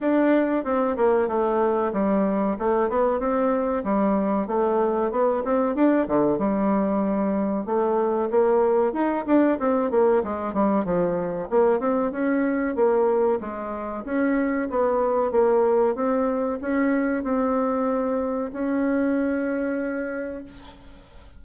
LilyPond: \new Staff \with { instrumentName = "bassoon" } { \time 4/4 \tempo 4 = 94 d'4 c'8 ais8 a4 g4 | a8 b8 c'4 g4 a4 | b8 c'8 d'8 d8 g2 | a4 ais4 dis'8 d'8 c'8 ais8 |
gis8 g8 f4 ais8 c'8 cis'4 | ais4 gis4 cis'4 b4 | ais4 c'4 cis'4 c'4~ | c'4 cis'2. | }